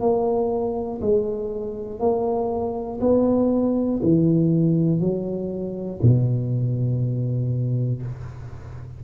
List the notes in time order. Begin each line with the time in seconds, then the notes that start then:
0.00 A#3
1.01 G#3
2.00 A#3
3.01 B3
4.02 E3
5.00 F#3
6.02 B2